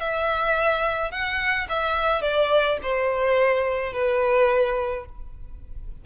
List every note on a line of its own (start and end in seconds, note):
0.00 1.11 E5
1.11 1.67 F#5
1.69 2.22 E5
2.22 2.78 D5
2.82 3.93 C5
3.93 5.05 B4